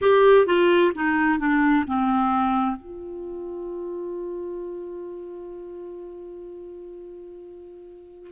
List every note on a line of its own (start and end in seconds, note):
0.01 0.46 G4
0.46 0.92 F4
0.94 1.38 D#4
1.38 1.85 D4
1.86 2.76 C4
2.76 8.30 F4